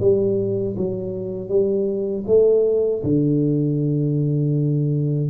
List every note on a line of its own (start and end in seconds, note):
0.00 0.76 G3
0.77 1.49 F#3
1.49 2.25 G3
2.27 3.03 A3
3.03 5.30 D3